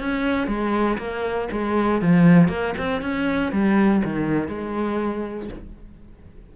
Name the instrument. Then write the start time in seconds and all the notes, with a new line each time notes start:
cello
0.00 C#4
0.48 G#3
0.99 A#3
1.52 G#3
2.02 F3
2.49 A#3
2.78 C4
3.02 C#4
3.52 G3
4.05 D#3
4.49 G#3